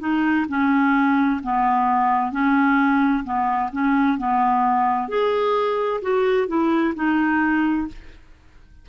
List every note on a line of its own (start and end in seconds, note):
0.00 0.46 D#4
0.49 1.41 C#4
1.43 2.32 B3
2.32 3.24 C#4
3.24 3.70 B3
3.73 4.18 C#4
4.18 5.09 B3
5.09 6.01 G#4
6.02 6.48 F#4
6.48 6.94 E4
6.96 7.88 D#4